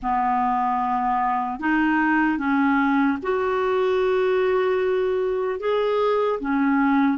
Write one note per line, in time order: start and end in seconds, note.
0.02 1.59 B3
1.59 2.38 D#4
2.38 3.18 C#4
3.22 5.59 F#4
5.59 6.39 G#4
6.40 7.17 C#4